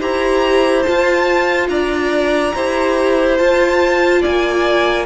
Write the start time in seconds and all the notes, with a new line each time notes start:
0.00 E4 G4 C5 A#5
0.83 F4 A5
0.89 F4
1.69 D4 D5 A#5
2.55 E4 G4 C5
3.38 F4 A5
4.21 A#3 D5 G#5